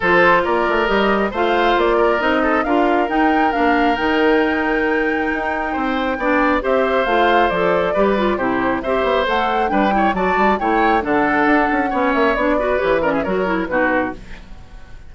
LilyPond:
<<
  \new Staff \with { instrumentName = "flute" } { \time 4/4 \tempo 4 = 136 c''4 d''4 dis''4 f''4 | d''4 dis''4 f''4 g''4 | f''4 g''2.~ | g''2. e''4 |
f''4 d''2 c''4 | e''4 fis''4 g''4 a''4 | g''4 fis''2~ fis''8 e''8 | d''4 cis''8 d''16 e''16 cis''4 b'4 | }
  \new Staff \with { instrumentName = "oboe" } { \time 4/4 a'4 ais'2 c''4~ | c''8 ais'4 a'8 ais'2~ | ais'1~ | ais'4 c''4 d''4 c''4~ |
c''2 b'4 g'4 | c''2 b'8 cis''8 d''4 | cis''4 a'2 cis''4~ | cis''8 b'4 ais'16 gis'16 ais'4 fis'4 | }
  \new Staff \with { instrumentName = "clarinet" } { \time 4/4 f'2 g'4 f'4~ | f'4 dis'4 f'4 dis'4 | d'4 dis'2.~ | dis'2 d'4 g'4 |
f'4 a'4 g'8 f'8 e'4 | g'4 a'4 d'8 e'8 fis'4 | e'4 d'2 cis'4 | d'8 fis'8 g'8 cis'8 fis'8 e'8 dis'4 | }
  \new Staff \with { instrumentName = "bassoon" } { \time 4/4 f4 ais8 a8 g4 a4 | ais4 c'4 d'4 dis'4 | ais4 dis2. | dis'4 c'4 b4 c'4 |
a4 f4 g4 c4 | c'8 b8 a4 g4 fis8 g8 | a4 d4 d'8 cis'8 b8 ais8 | b4 e4 fis4 b,4 | }
>>